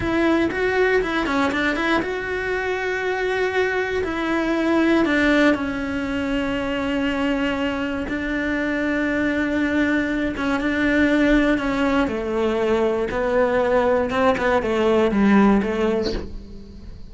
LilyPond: \new Staff \with { instrumentName = "cello" } { \time 4/4 \tempo 4 = 119 e'4 fis'4 e'8 cis'8 d'8 e'8 | fis'1 | e'2 d'4 cis'4~ | cis'1 |
d'1~ | d'8 cis'8 d'2 cis'4 | a2 b2 | c'8 b8 a4 g4 a4 | }